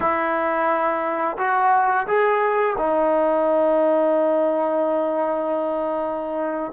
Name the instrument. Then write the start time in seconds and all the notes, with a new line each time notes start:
trombone
0.00 E4
1.37 F#4
2.07 G#4
2.77 D#4